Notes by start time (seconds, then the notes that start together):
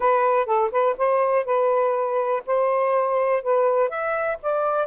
0.00 B4
0.45 A4
0.71 B4
0.97 C5
1.45 B4
2.46 C5
3.42 B4
3.89 E5
4.42 D5